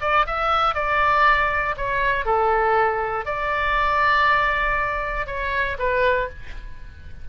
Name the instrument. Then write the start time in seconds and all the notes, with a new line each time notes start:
oboe
0.00 D5
0.26 E5
0.74 D5
1.77 C#5
2.25 A4
3.25 D5
5.26 C#5
5.78 B4